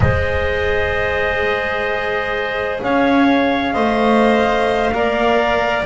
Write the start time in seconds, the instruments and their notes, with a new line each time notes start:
0.00 double bass G#3, cello G#4, clarinet C5, trumpet D#5
2.83 double bass C#4, clarinet C#5, trumpet F5
3.73 double bass A3, cello C5, clarinet D#5
4.92 double bass A#3, cello A#4, clarinet D5